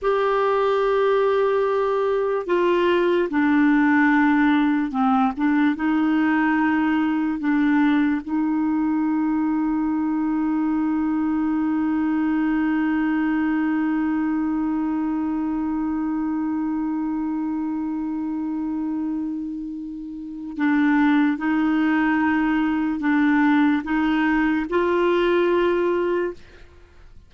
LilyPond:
\new Staff \with { instrumentName = "clarinet" } { \time 4/4 \tempo 4 = 73 g'2. f'4 | d'2 c'8 d'8 dis'4~ | dis'4 d'4 dis'2~ | dis'1~ |
dis'1~ | dis'1~ | dis'4 d'4 dis'2 | d'4 dis'4 f'2 | }